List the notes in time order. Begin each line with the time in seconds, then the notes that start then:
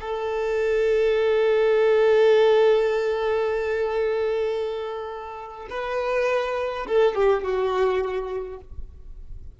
0.00 A4
5.70 B4
6.87 A4
7.15 G4
7.43 F#4